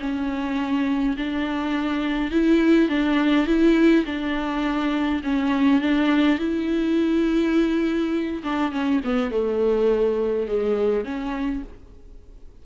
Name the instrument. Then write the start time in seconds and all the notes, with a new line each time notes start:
viola
0.00 C#4
1.17 D4
2.31 E4
2.89 D4
3.47 E4
4.05 D4
5.24 C#4
5.82 D4
6.39 E4
8.43 D4
8.72 C#4
9.05 B3
9.32 A3
10.47 G#3
11.05 C#4